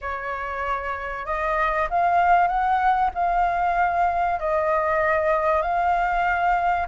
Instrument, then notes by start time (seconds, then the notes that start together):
flute
0.01 C#5
1.25 D#5
1.89 F5
2.47 F#5
3.14 F5
4.39 D#5
5.62 F5